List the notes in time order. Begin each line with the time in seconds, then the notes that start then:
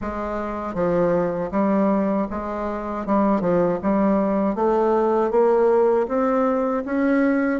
0.01 G#3
0.74 F3
1.51 G3
2.30 G#3
3.06 G3
3.40 F3
3.82 G3
4.55 A3
5.30 A#3
6.08 C4
6.85 C#4